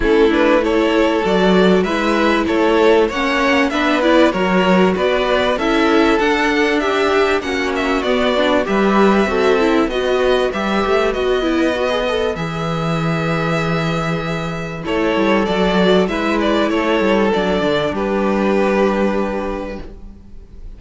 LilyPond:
<<
  \new Staff \with { instrumentName = "violin" } { \time 4/4 \tempo 4 = 97 a'8 b'8 cis''4 d''4 e''4 | cis''4 fis''4 e''8 d''8 cis''4 | d''4 e''4 fis''4 e''4 | fis''8 e''8 d''4 e''2 |
dis''4 e''4 dis''2 | e''1 | cis''4 d''4 e''8 d''8 cis''4 | d''4 b'2. | }
  \new Staff \with { instrumentName = "violin" } { \time 4/4 e'4 a'2 b'4 | a'4 cis''4 b'4 ais'4 | b'4 a'2 g'4 | fis'2 b'4 a'4 |
b'1~ | b'1 | a'2 b'4 a'4~ | a'4 g'2. | }
  \new Staff \with { instrumentName = "viola" } { \time 4/4 cis'8 d'8 e'4 fis'4 e'4~ | e'4 cis'4 d'8 e'8 fis'4~ | fis'4 e'4 d'2 | cis'4 b8 d'8 g'4 fis'8 e'8 |
fis'4 g'4 fis'8 e'8 fis'16 gis'16 a'8 | gis'1 | e'4 fis'4 e'2 | d'1 | }
  \new Staff \with { instrumentName = "cello" } { \time 4/4 a2 fis4 gis4 | a4 ais4 b4 fis4 | b4 cis'4 d'2 | ais4 b4 g4 c'4 |
b4 g8 a8 b2 | e1 | a8 g8 fis4 gis4 a8 g8 | fis8 d8 g2. | }
>>